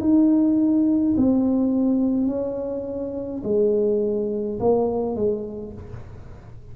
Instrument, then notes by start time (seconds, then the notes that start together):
tuba
0.00 D#4
1.17 C4
2.27 C#4
3.44 G#3
4.59 A#3
5.16 G#3